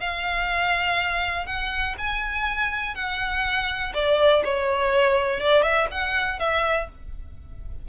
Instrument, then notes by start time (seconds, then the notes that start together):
violin
0.00 F5
1.46 F#5
1.98 G#5
2.95 F#5
3.94 D5
4.45 C#5
5.40 D5
5.63 E5
5.91 F#5
6.40 E5